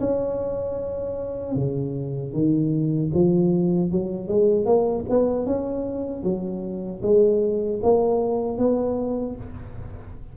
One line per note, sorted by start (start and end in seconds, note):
0.00 1.55 C#4
1.55 2.33 C#3
2.33 3.11 D#3
3.14 3.91 F3
3.91 4.28 F#3
4.28 4.65 G#3
4.65 5.04 A#3
5.09 5.46 B3
5.46 6.23 C#4
6.23 7.01 F#3
7.02 7.80 G#3
7.82 8.58 A#3
8.58 9.36 B3